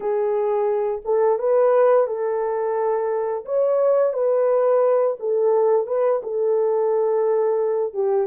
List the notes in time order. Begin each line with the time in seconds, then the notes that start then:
0.00 G#4
1.05 A4
1.38 B4
2.07 A4
3.45 C#5
4.13 B4
5.19 A4
5.87 B4
6.22 A4
7.93 G4